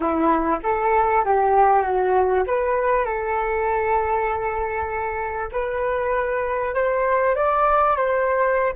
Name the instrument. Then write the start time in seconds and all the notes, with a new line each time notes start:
flute
0.00 E4
0.63 A4
1.24 G4
1.82 F#4
2.46 B4
3.05 A4
5.52 B4
6.74 C5
7.35 D5
7.96 C5